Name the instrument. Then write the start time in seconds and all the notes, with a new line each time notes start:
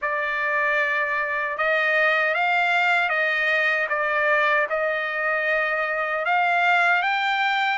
trumpet
0.01 D5
1.57 D#5
2.34 F5
3.09 D#5
3.89 D5
4.69 D#5
6.25 F5
7.02 G5